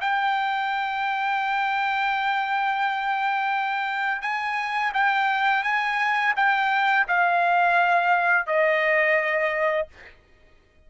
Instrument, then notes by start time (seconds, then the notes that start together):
trumpet
0.00 G5
4.21 G#5
4.94 G5
5.63 G#5
6.36 G5
7.07 F5
8.46 D#5